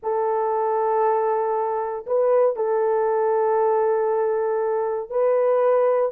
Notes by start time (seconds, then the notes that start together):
0.02 A4
2.06 B4
2.56 A4
5.09 B4